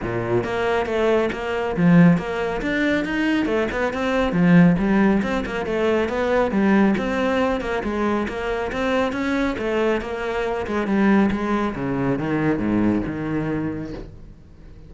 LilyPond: \new Staff \with { instrumentName = "cello" } { \time 4/4 \tempo 4 = 138 ais,4 ais4 a4 ais4 | f4 ais4 d'4 dis'4 | a8 b8 c'4 f4 g4 | c'8 ais8 a4 b4 g4 |
c'4. ais8 gis4 ais4 | c'4 cis'4 a4 ais4~ | ais8 gis8 g4 gis4 cis4 | dis4 gis,4 dis2 | }